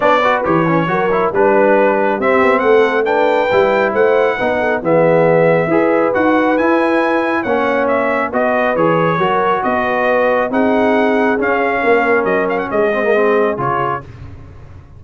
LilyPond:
<<
  \new Staff \with { instrumentName = "trumpet" } { \time 4/4 \tempo 4 = 137 d''4 cis''2 b'4~ | b'4 e''4 fis''4 g''4~ | g''4 fis''2 e''4~ | e''2 fis''4 gis''4~ |
gis''4 fis''4 e''4 dis''4 | cis''2 dis''2 | fis''2 f''2 | dis''8 f''16 fis''16 dis''2 cis''4 | }
  \new Staff \with { instrumentName = "horn" } { \time 4/4 cis''8 b'4. ais'4 b'4~ | b'4 g'4 a'4 b'4~ | b'4 c''4 b'8 a'8 gis'4~ | gis'4 b'2.~ |
b'4 cis''2 b'4~ | b'4 ais'4 b'2 | gis'2. ais'4~ | ais'4 gis'2. | }
  \new Staff \with { instrumentName = "trombone" } { \time 4/4 d'8 fis'8 g'8 cis'8 fis'8 e'8 d'4~ | d'4 c'2 d'4 | e'2 dis'4 b4~ | b4 gis'4 fis'4 e'4~ |
e'4 cis'2 fis'4 | gis'4 fis'2. | dis'2 cis'2~ | cis'4. c'16 ais16 c'4 f'4 | }
  \new Staff \with { instrumentName = "tuba" } { \time 4/4 b4 e4 fis4 g4~ | g4 c'8 b8 a2 | g4 a4 b4 e4~ | e4 e'4 dis'4 e'4~ |
e'4 ais2 b4 | e4 fis4 b2 | c'2 cis'4 ais4 | fis4 gis2 cis4 | }
>>